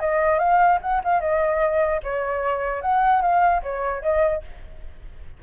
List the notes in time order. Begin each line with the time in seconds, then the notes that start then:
0.00 D#5
0.39 F5
0.82 F#5
1.04 F5
1.21 D#5
2.04 C#5
2.82 F#5
3.22 F5
3.63 C#5
4.03 D#5